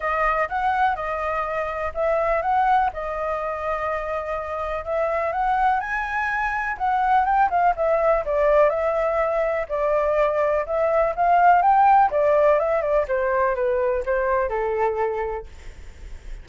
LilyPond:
\new Staff \with { instrumentName = "flute" } { \time 4/4 \tempo 4 = 124 dis''4 fis''4 dis''2 | e''4 fis''4 dis''2~ | dis''2 e''4 fis''4 | gis''2 fis''4 g''8 f''8 |
e''4 d''4 e''2 | d''2 e''4 f''4 | g''4 d''4 e''8 d''8 c''4 | b'4 c''4 a'2 | }